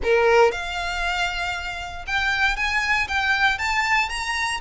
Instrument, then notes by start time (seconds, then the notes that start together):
violin
0.03 A#4
0.51 F5
2.06 G5
2.56 G#5
3.07 G5
3.58 A5
4.09 A#5